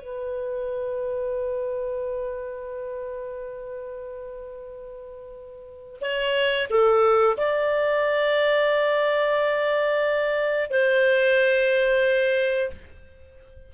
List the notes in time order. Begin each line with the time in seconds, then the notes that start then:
0.00 B4
6.02 C#5
6.70 A4
7.38 D5
10.71 C5